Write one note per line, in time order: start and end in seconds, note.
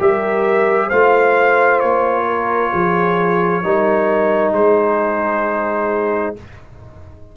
0.00 0.91 G3
0.00 0.91 G4
0.00 0.88 A#4
0.00 0.90 E5
0.88 1.82 A3
0.88 3.64 F4
0.88 2.24 C5
0.88 1.80 F5
1.80 2.73 A#3
1.80 4.53 C#5
2.26 2.72 A#4
2.73 3.64 F3
2.73 3.64 G#4
3.64 4.53 G3
3.64 6.36 D#4
3.64 4.55 A#4
4.53 6.35 G#3
4.53 6.37 G#4
4.53 6.36 C5